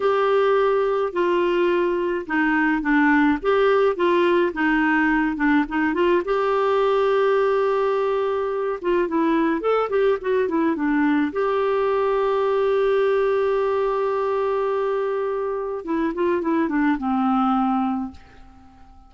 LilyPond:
\new Staff \with { instrumentName = "clarinet" } { \time 4/4 \tempo 4 = 106 g'2 f'2 | dis'4 d'4 g'4 f'4 | dis'4. d'8 dis'8 f'8 g'4~ | g'2.~ g'8 f'8 |
e'4 a'8 g'8 fis'8 e'8 d'4 | g'1~ | g'1 | e'8 f'8 e'8 d'8 c'2 | }